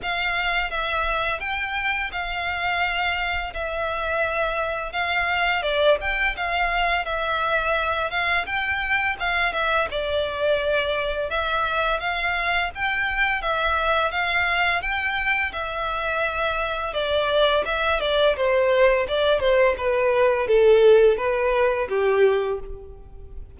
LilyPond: \new Staff \with { instrumentName = "violin" } { \time 4/4 \tempo 4 = 85 f''4 e''4 g''4 f''4~ | f''4 e''2 f''4 | d''8 g''8 f''4 e''4. f''8 | g''4 f''8 e''8 d''2 |
e''4 f''4 g''4 e''4 | f''4 g''4 e''2 | d''4 e''8 d''8 c''4 d''8 c''8 | b'4 a'4 b'4 g'4 | }